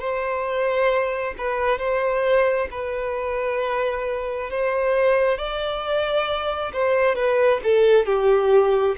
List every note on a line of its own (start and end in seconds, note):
0.00 1.34 C5
1.38 1.79 B4
1.79 2.68 C5
2.71 4.50 B4
4.50 5.38 C5
5.38 6.72 D5
6.73 7.15 C5
7.15 7.60 B4
7.63 8.06 A4
8.06 8.96 G4